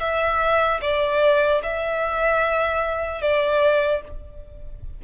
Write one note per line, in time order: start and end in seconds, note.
0.00 0.80 E5
0.81 1.61 D5
1.63 3.21 E5
3.21 4.01 D5